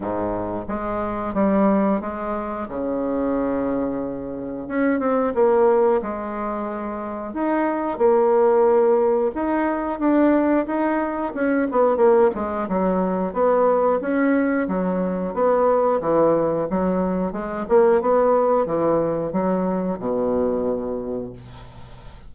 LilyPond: \new Staff \with { instrumentName = "bassoon" } { \time 4/4 \tempo 4 = 90 gis,4 gis4 g4 gis4 | cis2. cis'8 c'8 | ais4 gis2 dis'4 | ais2 dis'4 d'4 |
dis'4 cis'8 b8 ais8 gis8 fis4 | b4 cis'4 fis4 b4 | e4 fis4 gis8 ais8 b4 | e4 fis4 b,2 | }